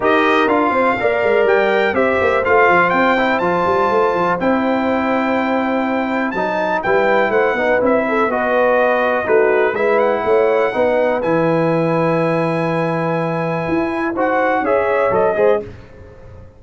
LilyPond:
<<
  \new Staff \with { instrumentName = "trumpet" } { \time 4/4 \tempo 4 = 123 dis''4 f''2 g''4 | e''4 f''4 g''4 a''4~ | a''4 g''2.~ | g''4 a''4 g''4 fis''4 |
e''4 dis''2 b'4 | e''8 fis''2~ fis''8 gis''4~ | gis''1~ | gis''4 fis''4 e''4 dis''4 | }
  \new Staff \with { instrumentName = "horn" } { \time 4/4 ais'4. c''8 d''2 | c''1~ | c''1~ | c''2 b'4 c''8 b'8~ |
b'8 a'8 b'2 fis'4 | b'4 cis''4 b'2~ | b'1~ | b'4 c''4 cis''4. c''8 | }
  \new Staff \with { instrumentName = "trombone" } { \time 4/4 g'4 f'4 ais'2 | g'4 f'4. e'8 f'4~ | f'4 e'2.~ | e'4 dis'4 e'4. dis'8 |
e'4 fis'2 dis'4 | e'2 dis'4 e'4~ | e'1~ | e'4 fis'4 gis'4 a'8 gis'8 | }
  \new Staff \with { instrumentName = "tuba" } { \time 4/4 dis'4 d'8 c'8 ais8 gis8 g4 | c'8 ais8 a8 f8 c'4 f8 g8 | a8 f8 c'2.~ | c'4 fis4 g4 a8 b8 |
c'4 b2 a4 | gis4 a4 b4 e4~ | e1 | e'4 dis'4 cis'4 fis8 gis8 | }
>>